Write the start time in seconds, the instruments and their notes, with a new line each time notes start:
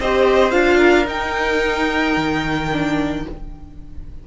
0.00 cello C4, viola G4, violin C5 D#5
0.51 cello D4, viola F4, violin F5
0.78 violin A#4
1.05 viola D#4, cello D#4, violin G5
2.16 cello D#3
2.72 viola D4